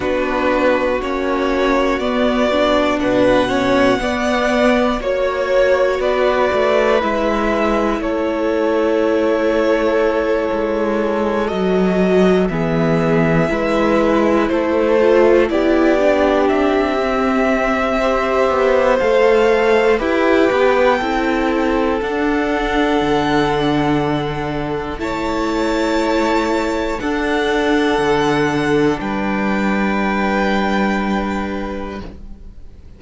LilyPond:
<<
  \new Staff \with { instrumentName = "violin" } { \time 4/4 \tempo 4 = 60 b'4 cis''4 d''4 fis''4~ | fis''4 cis''4 d''4 e''4 | cis''2.~ cis''8 dis''8~ | dis''8 e''2 c''4 d''8~ |
d''8 e''2~ e''8 f''4 | g''2 fis''2~ | fis''4 a''2 fis''4~ | fis''4 g''2. | }
  \new Staff \with { instrumentName = "violin" } { \time 4/4 fis'2. b'8 cis''8 | d''4 cis''4 b'2 | a'1~ | a'8 gis'4 b'4 a'4 g'8~ |
g'2 c''2 | b'4 a'2.~ | a'4 cis''2 a'4~ | a'4 b'2. | }
  \new Staff \with { instrumentName = "viola" } { \time 4/4 d'4 cis'4 b8 d'4 cis'8 | b4 fis'2 e'4~ | e'2.~ e'8 fis'8~ | fis'8 b4 e'4. f'8 e'8 |
d'4 c'4 g'4 a'4 | g'4 e'4 d'2~ | d'4 e'2 d'4~ | d'1 | }
  \new Staff \with { instrumentName = "cello" } { \time 4/4 b4 ais4 b4 b,4 | b4 ais4 b8 a8 gis4 | a2~ a8 gis4 fis8~ | fis8 e4 gis4 a4 b8~ |
b8 c'2 b8 a4 | e'8 b8 c'4 d'4 d4~ | d4 a2 d'4 | d4 g2. | }
>>